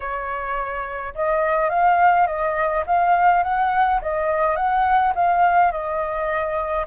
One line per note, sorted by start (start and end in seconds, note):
0.00 1.14 C#5
1.14 1.69 D#5
1.69 2.26 F5
2.26 2.84 D#5
2.86 3.43 F5
3.43 4.00 F#5
4.01 4.56 D#5
4.56 5.13 F#5
5.15 5.71 F5
5.71 6.85 D#5